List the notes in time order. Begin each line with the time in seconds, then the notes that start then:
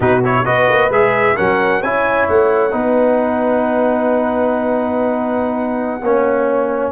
0.00 B2 D#4 F#4 B4
0.24 E4 C#5
0.45 B3 F#4 B4 D#5
0.69 A#3
0.89 G#3 G#4 E5
1.35 F#3 C#4 A#4 F#5
1.80 C#4 E4 C#5 G#5
2.27 A3 F#5
2.71 B3 D#4 B4
6.02 A#3 C#4 C#5